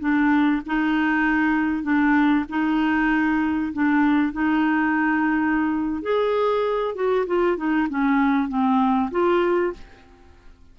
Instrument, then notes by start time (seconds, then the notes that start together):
clarinet
0.00 D4
0.66 D#4
1.83 D4
2.49 D#4
3.73 D4
4.33 D#4
6.03 G#4
6.95 F#4
7.27 F4
7.57 D#4
7.90 C#4
8.49 C4
9.12 F4